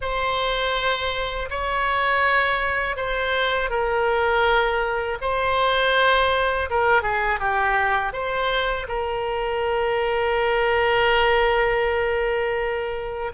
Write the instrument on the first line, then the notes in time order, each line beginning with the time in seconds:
oboe
0.01 C5
1.50 C#5
2.96 C5
3.70 A#4
5.21 C5
6.69 A#4
7.02 G#4
7.39 G4
8.12 C5
8.88 A#4